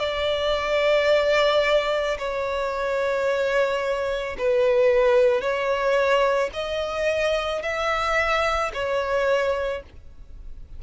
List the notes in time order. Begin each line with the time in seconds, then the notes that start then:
0.00 D5
2.19 C#5
4.38 B4
5.41 C#5
6.54 D#5
7.63 E5
8.74 C#5